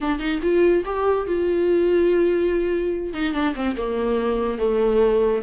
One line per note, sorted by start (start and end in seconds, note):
0.00 0.19 D4
0.19 0.40 D#4
0.42 0.84 F4
0.85 1.26 G4
1.27 3.13 F4
3.13 3.33 D#4
3.33 3.54 D4
3.55 3.76 C4
3.76 4.58 A#3
4.58 5.41 A3